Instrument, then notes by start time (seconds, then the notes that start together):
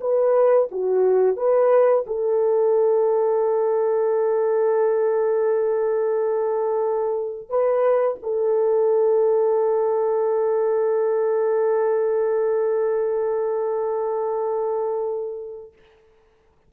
horn
0.00 B4
0.71 F#4
1.36 B4
2.06 A4
7.49 B4
8.22 A4